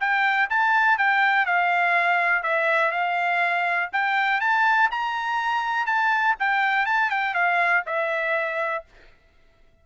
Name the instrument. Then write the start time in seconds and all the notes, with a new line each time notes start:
trumpet
0.00 G5
0.49 A5
0.97 G5
1.46 F5
2.43 E5
2.91 F5
3.92 G5
4.40 A5
4.90 A#5
5.86 A5
6.39 G5
6.85 A5
7.10 G5
7.34 F5
7.86 E5